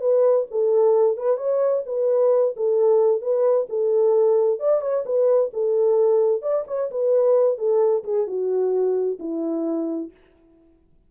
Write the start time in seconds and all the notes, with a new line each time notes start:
0.00 B4
0.50 A4
1.17 B4
1.37 C#5
1.86 B4
2.56 A4
3.21 B4
3.69 A4
4.59 D5
4.81 C#5
5.05 B4
5.53 A4
6.42 D5
6.67 C#5
6.91 B4
7.58 A4
8.04 G#4
8.27 F#4
9.19 E4